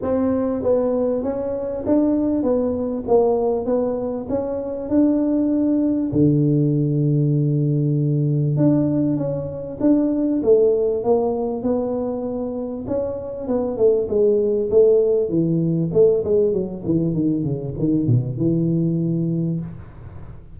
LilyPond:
\new Staff \with { instrumentName = "tuba" } { \time 4/4 \tempo 4 = 98 c'4 b4 cis'4 d'4 | b4 ais4 b4 cis'4 | d'2 d2~ | d2 d'4 cis'4 |
d'4 a4 ais4 b4~ | b4 cis'4 b8 a8 gis4 | a4 e4 a8 gis8 fis8 e8 | dis8 cis8 dis8 b,8 e2 | }